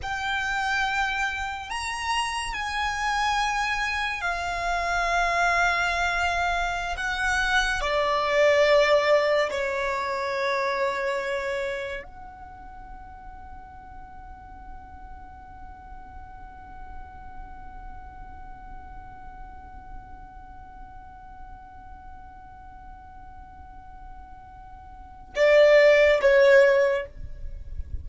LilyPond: \new Staff \with { instrumentName = "violin" } { \time 4/4 \tempo 4 = 71 g''2 ais''4 gis''4~ | gis''4 f''2.~ | f''16 fis''4 d''2 cis''8.~ | cis''2~ cis''16 fis''4.~ fis''16~ |
fis''1~ | fis''1~ | fis''1~ | fis''2 d''4 cis''4 | }